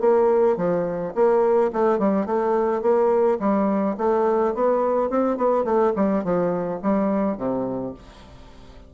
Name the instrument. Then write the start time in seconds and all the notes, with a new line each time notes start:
bassoon
0.00 A#3
0.57 F3
1.15 A#3
1.73 A3
1.99 G3
2.26 A3
2.82 A#3
3.40 G3
3.98 A3
4.55 B3
5.10 C4
5.37 B3
5.64 A3
5.96 G3
6.24 F3
6.82 G3
7.38 C3